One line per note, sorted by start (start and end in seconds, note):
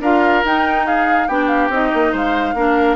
0.00 0.42 D4
0.00 0.44 F4
0.00 0.85 A#4
0.00 0.45 F5
0.44 1.28 D#4
0.44 1.29 D#4
0.44 0.86 G5
0.86 1.27 G#4
0.86 1.27 F5
1.27 1.69 B3
1.27 1.71 D4
1.27 2.12 G4
1.27 1.47 G5
1.47 1.68 F5
1.69 1.90 C4
1.69 2.55 D#4
1.69 2.15 D#5
1.93 2.13 A#3
2.12 2.54 G#3
2.12 2.54 C5
2.12 2.96 F5
2.54 2.96 A#3
2.54 2.96 D4
2.54 2.96 A#4